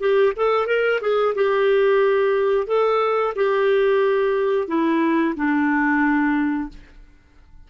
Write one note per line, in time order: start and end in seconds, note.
0.00 0.33 G4
0.36 0.67 A4
0.67 1.00 A#4
1.01 1.35 G#4
1.35 2.67 G4
2.67 3.34 A4
3.35 4.68 G4
4.68 5.35 E4
5.36 6.69 D4